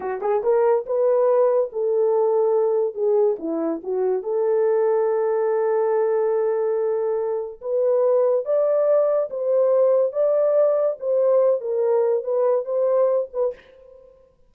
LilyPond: \new Staff \with { instrumentName = "horn" } { \time 4/4 \tempo 4 = 142 fis'8 gis'8 ais'4 b'2 | a'2. gis'4 | e'4 fis'4 a'2~ | a'1~ |
a'2 b'2 | d''2 c''2 | d''2 c''4. ais'8~ | ais'4 b'4 c''4. b'8 | }